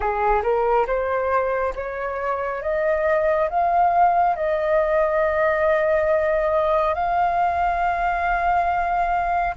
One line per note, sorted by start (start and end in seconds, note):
0.00 0.42 G#4
0.42 0.86 A#4
0.87 1.74 C5
1.75 2.62 C#5
2.62 3.49 D#5
3.49 4.36 F5
4.36 6.94 D#5
6.94 9.55 F5